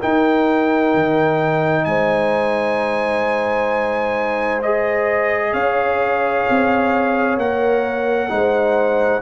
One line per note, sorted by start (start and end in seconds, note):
0.00 4.63 D#4
0.00 0.95 D#4
0.00 1.85 A#4
0.00 1.85 G5
0.95 1.87 D#3
1.85 5.54 G#3
1.85 5.53 C5
1.85 4.62 G#5
4.63 7.41 G#4
4.63 5.54 D#5
5.53 6.46 C#4
5.53 8.30 C#5
5.53 7.38 F5
6.50 7.38 C4
7.38 8.30 A#3
7.38 8.30 A#4
7.38 9.22 F#5
8.30 9.22 G#3
8.30 9.22 D#4
8.30 9.22 C5